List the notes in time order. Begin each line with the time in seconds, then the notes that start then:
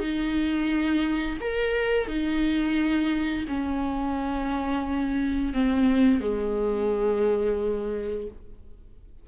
0.00 D#4
1.41 A#4
2.08 D#4
3.48 C#4
5.54 C4
6.21 G#3